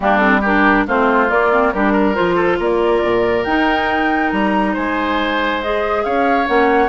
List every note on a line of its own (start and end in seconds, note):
0.00 0.86 G3
0.00 0.19 A#3
0.00 0.41 D4
0.00 0.17 G4
0.17 0.41 C4
0.17 0.38 A4
0.41 0.88 D4
0.41 0.84 G4
0.41 0.86 A#4
0.87 1.30 A3
0.87 1.28 C4
0.87 1.73 F4
0.87 1.29 C5
1.28 1.50 A#3
1.28 1.73 A#3
1.28 1.72 D5
1.51 1.73 C4
1.72 2.17 G3
1.72 2.14 D4
1.72 1.92 G4
1.72 2.15 A#4
1.92 2.35 A#4
2.14 2.59 F3
2.14 3.44 F4
2.14 2.58 C5
2.35 2.57 A4
2.59 3.02 A#3
2.59 4.73 A#4
2.59 3.44 D5
3.03 3.46 A#2
3.44 4.32 D#4
3.44 5.62 D#4
3.44 4.30 G5
4.30 4.75 G3
4.30 4.73 A#5
4.73 6.05 G#3
4.73 6.02 C5
4.73 5.61 G#5
5.61 6.46 G#4
5.61 6.04 D#5
6.04 6.48 C#4
6.04 6.89 C#5
6.04 6.47 F5
6.46 6.89 A#3
6.46 6.89 C#4
6.46 6.89 F#5